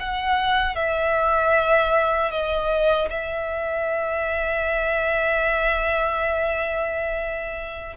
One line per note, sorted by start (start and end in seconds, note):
0.00 0.75 F#5
0.75 2.31 E5
2.31 3.09 D#5
3.10 7.97 E5